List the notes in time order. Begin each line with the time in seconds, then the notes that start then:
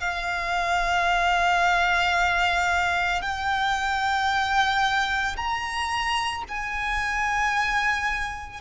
0.00 F5
3.21 G5
5.36 A#5
6.48 G#5